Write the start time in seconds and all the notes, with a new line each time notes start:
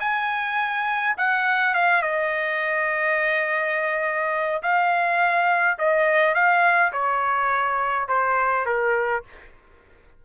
0.00 G#5
1.17 F#5
1.74 F5
2.02 D#5
4.63 F5
5.79 D#5
6.35 F5
6.93 C#5
8.08 C5
8.66 A#4